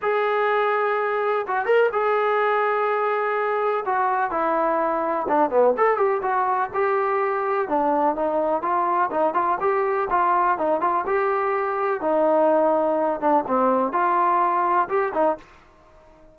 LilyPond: \new Staff \with { instrumentName = "trombone" } { \time 4/4 \tempo 4 = 125 gis'2. fis'8 ais'8 | gis'1 | fis'4 e'2 d'8 b8 | a'8 g'8 fis'4 g'2 |
d'4 dis'4 f'4 dis'8 f'8 | g'4 f'4 dis'8 f'8 g'4~ | g'4 dis'2~ dis'8 d'8 | c'4 f'2 g'8 dis'8 | }